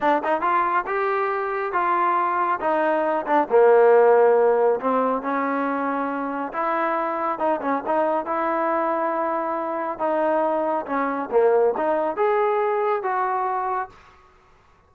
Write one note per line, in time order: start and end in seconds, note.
0.00 0.22 D4
0.24 0.41 D#4
0.41 0.84 F4
0.86 1.72 G4
1.72 2.59 F4
2.60 3.25 D#4
3.26 3.48 D4
3.49 4.79 A#3
4.80 5.22 C4
5.22 6.52 C#4
6.52 7.38 E4
7.38 7.60 D#4
7.61 7.83 C#4
7.86 8.25 D#4
8.25 9.98 E4
9.98 10.85 D#4
10.86 11.29 C#4
11.31 11.74 A#3
11.77 12.16 D#4
12.16 13.02 G#4
13.02 13.89 F#4